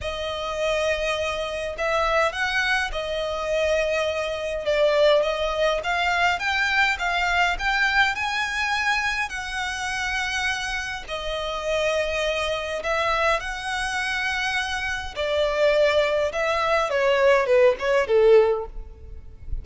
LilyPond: \new Staff \with { instrumentName = "violin" } { \time 4/4 \tempo 4 = 103 dis''2. e''4 | fis''4 dis''2. | d''4 dis''4 f''4 g''4 | f''4 g''4 gis''2 |
fis''2. dis''4~ | dis''2 e''4 fis''4~ | fis''2 d''2 | e''4 cis''4 b'8 cis''8 a'4 | }